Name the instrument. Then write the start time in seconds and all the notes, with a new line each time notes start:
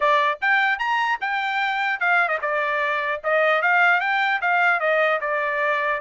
trumpet
0.00 D5
0.41 G5
0.78 A#5
1.20 G5
2.00 F5
2.28 D#5
2.41 D5
3.23 D#5
3.61 F5
4.00 G5
4.41 F5
4.79 D#5
5.20 D5